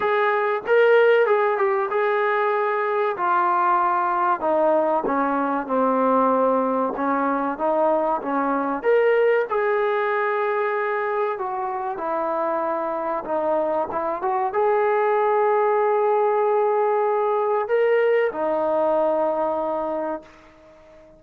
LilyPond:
\new Staff \with { instrumentName = "trombone" } { \time 4/4 \tempo 4 = 95 gis'4 ais'4 gis'8 g'8 gis'4~ | gis'4 f'2 dis'4 | cis'4 c'2 cis'4 | dis'4 cis'4 ais'4 gis'4~ |
gis'2 fis'4 e'4~ | e'4 dis'4 e'8 fis'8 gis'4~ | gis'1 | ais'4 dis'2. | }